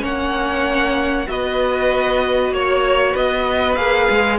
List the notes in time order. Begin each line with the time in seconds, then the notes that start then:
0.00 A#3 C#4 C#5 F#5
1.28 B3 F#4 B4 D#5
2.52 A#3 C#5
3.13 B3 B4 D#5
3.76 A#3 G#4 F5
4.10 G#3